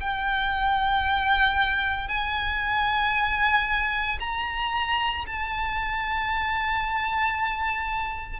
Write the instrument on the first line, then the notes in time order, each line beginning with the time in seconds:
violin
0.00 G5
2.08 G#5
4.20 A#5
5.27 A5